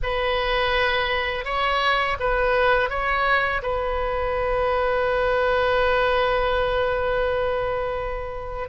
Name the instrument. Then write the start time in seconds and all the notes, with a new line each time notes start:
oboe
0.03 B4
1.45 C#5
2.19 B4
2.89 C#5
3.62 B4